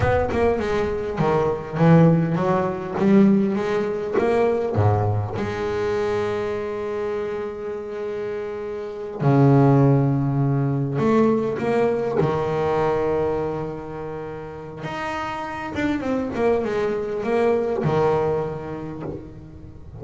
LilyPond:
\new Staff \with { instrumentName = "double bass" } { \time 4/4 \tempo 4 = 101 b8 ais8 gis4 dis4 e4 | fis4 g4 gis4 ais4 | gis,4 gis2.~ | gis2.~ gis8 cis8~ |
cis2~ cis8 a4 ais8~ | ais8 dis2.~ dis8~ | dis4 dis'4. d'8 c'8 ais8 | gis4 ais4 dis2 | }